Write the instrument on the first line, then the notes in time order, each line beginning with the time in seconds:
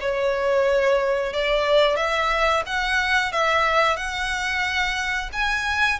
violin
0.00 C#5
1.33 D5
1.96 E5
2.66 F#5
3.32 E5
3.96 F#5
5.32 G#5